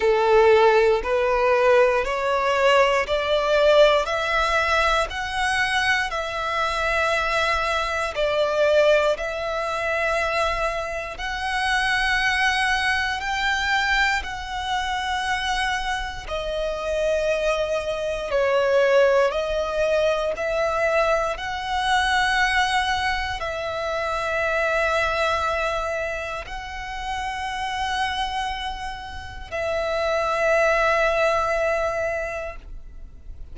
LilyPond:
\new Staff \with { instrumentName = "violin" } { \time 4/4 \tempo 4 = 59 a'4 b'4 cis''4 d''4 | e''4 fis''4 e''2 | d''4 e''2 fis''4~ | fis''4 g''4 fis''2 |
dis''2 cis''4 dis''4 | e''4 fis''2 e''4~ | e''2 fis''2~ | fis''4 e''2. | }